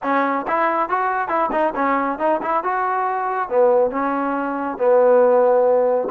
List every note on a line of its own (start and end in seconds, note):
0.02 0.46 C#4
0.47 0.89 E4
0.89 1.28 F#4
1.28 1.50 E4
1.51 1.73 D#4
1.75 2.19 C#4
2.19 2.40 D#4
2.42 2.63 E4
2.63 3.49 F#4
3.49 3.91 B3
3.91 4.77 C#4
4.78 6.08 B3